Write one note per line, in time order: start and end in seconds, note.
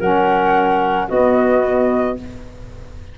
0.00 1.09 F#3
0.00 1.09 C#4
0.00 1.08 A#4
0.00 1.10 F#5
1.08 2.19 B3
1.08 2.17 F#4
1.08 2.18 D#5